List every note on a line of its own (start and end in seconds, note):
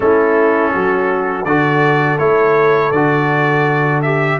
0.00 0.73 A3
0.00 1.46 C#4
0.00 0.72 E4
0.00 1.44 A4
0.72 1.44 F#3
0.72 1.46 F#4
1.44 2.18 D3
1.44 2.18 F#4
1.44 4.39 A4
1.44 2.18 D5
2.18 2.91 A3
2.18 2.91 E4
2.18 2.91 C#5
2.91 4.37 D3
2.91 4.04 F#4
2.91 4.01 D5
4.02 4.39 G4
4.02 4.38 E5